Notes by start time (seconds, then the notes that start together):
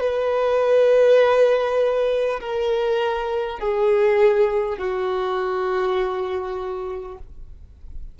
0.00 B4
2.41 A#4
3.59 G#4
4.78 F#4